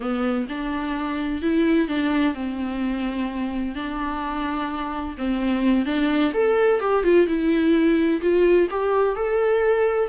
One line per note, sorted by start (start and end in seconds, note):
0.00 0.46 B3
0.49 1.41 D4
1.41 1.88 E4
1.88 2.34 D4
2.34 3.75 C4
3.75 5.15 D4
5.17 5.85 C4
5.85 6.32 D4
6.33 6.80 A4
6.80 7.03 G4
7.03 7.27 F4
7.27 8.20 E4
8.21 8.68 F4
8.70 9.15 G4
9.15 10.08 A4